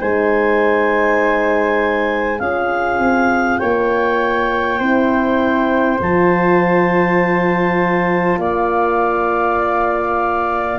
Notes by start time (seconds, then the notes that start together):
0.00 G#3 D#4 C5 G#5
2.39 C#4 F4 G#4 F5
2.99 C4
3.58 A#3 C#5 G5
4.79 C4 E4 C5
6.00 F3 F4 A5
8.38 A#3 D5 F5